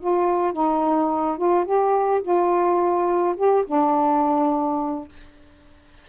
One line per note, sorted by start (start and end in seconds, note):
0.00 0.53 F4
0.53 1.38 D#4
1.38 1.65 F4
1.65 2.22 G4
2.22 3.36 F4
3.37 3.65 G4
3.67 5.09 D4